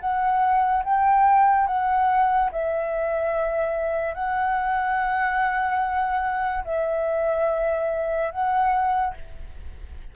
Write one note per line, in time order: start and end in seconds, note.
0.00 0.83 F#5
0.84 1.67 G5
1.67 2.50 F#5
2.52 4.14 E5
4.14 6.64 F#5
6.64 8.31 E5
8.31 9.14 F#5